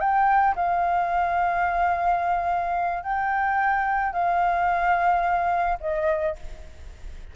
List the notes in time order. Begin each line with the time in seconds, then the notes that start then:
0.00 G5
0.56 F5
3.04 G5
4.13 F5
5.81 D#5